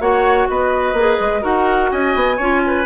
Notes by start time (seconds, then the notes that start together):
0.00 A#3 F#4 C#5 F#5
0.49 B3 B4 D#5
0.94 A#3 G#4
1.20 G#3
1.41 D#4 F#4 A#4 F#5
1.92 C#4 D#5 G#5
2.15 B3
2.37 C#4 F4 C#5
2.67 B4